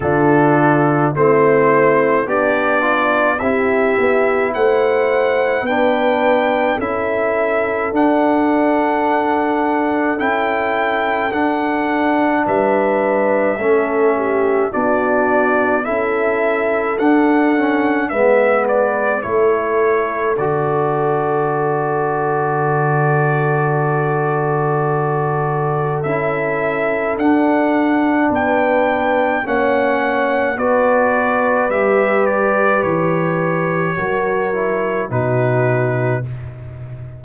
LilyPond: <<
  \new Staff \with { instrumentName = "trumpet" } { \time 4/4 \tempo 4 = 53 a'4 c''4 d''4 e''4 | fis''4 g''4 e''4 fis''4~ | fis''4 g''4 fis''4 e''4~ | e''4 d''4 e''4 fis''4 |
e''8 d''8 cis''4 d''2~ | d''2. e''4 | fis''4 g''4 fis''4 d''4 | e''8 d''8 cis''2 b'4 | }
  \new Staff \with { instrumentName = "horn" } { \time 4/4 f'4 e'4 d'4 g'4 | c''4 b'4 a'2~ | a'2. b'4 | a'8 g'8 fis'4 a'2 |
b'4 a'2.~ | a'1~ | a'4 b'4 cis''4 b'4~ | b'2 ais'4 fis'4 | }
  \new Staff \with { instrumentName = "trombone" } { \time 4/4 d'4 c'4 g'8 f'8 e'4~ | e'4 d'4 e'4 d'4~ | d'4 e'4 d'2 | cis'4 d'4 e'4 d'8 cis'8 |
b4 e'4 fis'2~ | fis'2. e'4 | d'2 cis'4 fis'4 | g'2 fis'8 e'8 dis'4 | }
  \new Staff \with { instrumentName = "tuba" } { \time 4/4 d4 a4 b4 c'8 b8 | a4 b4 cis'4 d'4~ | d'4 cis'4 d'4 g4 | a4 b4 cis'4 d'4 |
gis4 a4 d2~ | d2. cis'4 | d'4 b4 ais4 b4 | g4 e4 fis4 b,4 | }
>>